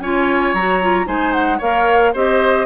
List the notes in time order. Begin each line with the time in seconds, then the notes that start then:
0.00 C#4 F4 C#5 G#5
0.54 F#3 F#4 A#5
0.83 F4
1.06 G#3 D#4 C5 G#5
1.33 F#5
1.59 A#3 A#4 C#5 F5
2.14 C4 G4 C5 D#5